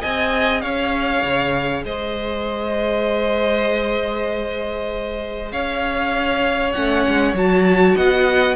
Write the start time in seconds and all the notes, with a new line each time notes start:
0.00 C4 G#4 D#5 G#5
0.61 C#4 C#5 F5
1.23 C#3
1.85 G#3 C5 D#5
5.52 C#4 C#5 F5
6.72 A3 C#4 F#5
7.08 G#3
7.33 F#3 F#4 A5
7.96 B3 D#5 F#5